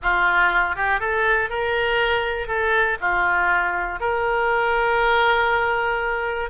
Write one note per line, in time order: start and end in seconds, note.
0.02 0.75 F4
0.75 1.00 G4
1.00 1.49 A4
1.49 2.47 A#4
2.47 2.97 A4
3.00 4.00 F4
4.00 6.50 A#4